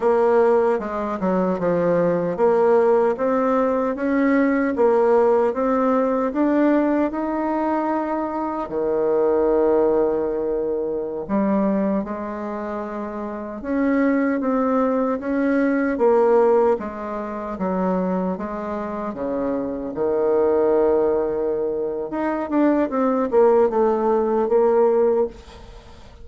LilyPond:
\new Staff \with { instrumentName = "bassoon" } { \time 4/4 \tempo 4 = 76 ais4 gis8 fis8 f4 ais4 | c'4 cis'4 ais4 c'4 | d'4 dis'2 dis4~ | dis2~ dis16 g4 gis8.~ |
gis4~ gis16 cis'4 c'4 cis'8.~ | cis'16 ais4 gis4 fis4 gis8.~ | gis16 cis4 dis2~ dis8. | dis'8 d'8 c'8 ais8 a4 ais4 | }